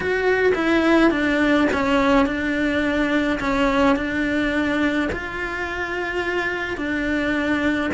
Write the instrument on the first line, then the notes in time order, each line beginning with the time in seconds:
cello
0.00 F#4
0.54 E4
1.10 D4
1.72 C#4
2.26 D4
3.40 C#4
3.95 D4
5.12 F4
6.77 D4